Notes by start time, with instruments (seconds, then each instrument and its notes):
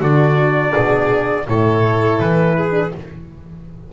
0.00 double bass D3, horn D4, violin F#4, trumpet D5
0.71 double bass B2, violin G#4
1.46 double bass A2, horn E4, violin A4, trumpet C#5
2.20 double bass E3, trumpet B4
2.56 violin G#4
2.71 horn D4